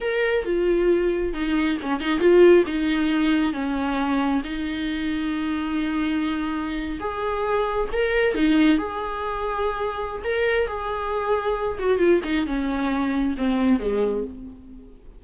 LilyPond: \new Staff \with { instrumentName = "viola" } { \time 4/4 \tempo 4 = 135 ais'4 f'2 dis'4 | cis'8 dis'8 f'4 dis'2 | cis'2 dis'2~ | dis'2.~ dis'8. gis'16~ |
gis'4.~ gis'16 ais'4 dis'4 gis'16~ | gis'2. ais'4 | gis'2~ gis'8 fis'8 f'8 dis'8 | cis'2 c'4 gis4 | }